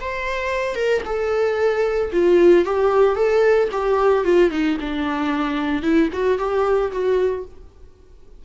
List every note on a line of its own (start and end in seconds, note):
0.00 0.75 C5
0.75 1.01 A#4
1.05 2.11 A4
2.12 2.65 F4
2.65 3.15 G4
3.15 3.69 A4
3.72 4.24 G4
4.24 4.51 F4
4.51 4.77 D#4
4.80 5.82 D4
5.82 6.09 E4
6.13 6.38 F#4
6.38 6.91 G4
6.91 7.45 F#4